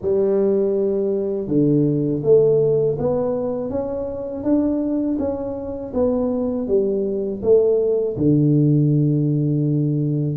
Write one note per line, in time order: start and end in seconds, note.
0.01 1.47 G3
1.47 2.21 D3
2.23 2.97 A3
2.98 3.70 B3
3.70 4.43 C#4
4.43 5.17 D4
5.19 5.93 C#4
5.93 6.67 B3
6.67 7.41 G3
7.42 8.16 A3
8.16 10.36 D3